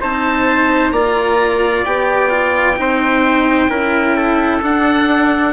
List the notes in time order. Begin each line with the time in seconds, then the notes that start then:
0.00 C4 D#4 C5 A5
0.91 A#3 F4 D5 A#5
1.85 B3 G4 G5
2.29 F4
2.76 C4 D#4 C5
3.69 C#4 E4 A#4
4.16 A4
4.62 D4 F#5